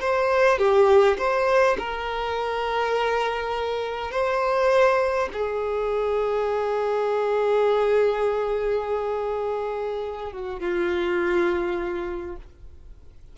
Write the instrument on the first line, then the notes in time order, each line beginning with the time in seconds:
violin
0.00 C5
0.58 G4
1.18 C5
1.78 A#4
4.11 C5
5.33 G#4
10.32 F#4
10.60 F4